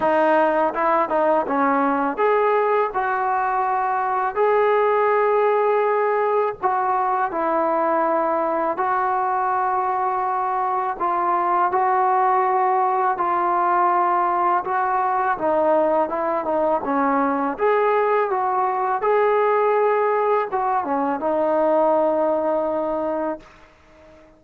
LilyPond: \new Staff \with { instrumentName = "trombone" } { \time 4/4 \tempo 4 = 82 dis'4 e'8 dis'8 cis'4 gis'4 | fis'2 gis'2~ | gis'4 fis'4 e'2 | fis'2. f'4 |
fis'2 f'2 | fis'4 dis'4 e'8 dis'8 cis'4 | gis'4 fis'4 gis'2 | fis'8 cis'8 dis'2. | }